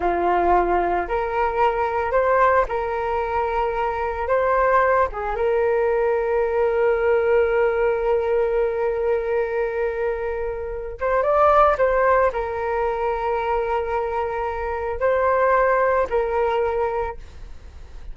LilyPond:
\new Staff \with { instrumentName = "flute" } { \time 4/4 \tempo 4 = 112 f'2 ais'2 | c''4 ais'2. | c''4. gis'8 ais'2~ | ais'1~ |
ais'1~ | ais'8 c''8 d''4 c''4 ais'4~ | ais'1 | c''2 ais'2 | }